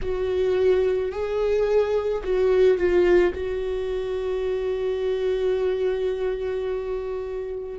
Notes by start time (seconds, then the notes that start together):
0.01 F#4
1.11 G#4
2.23 F#4
2.77 F4
3.34 F#4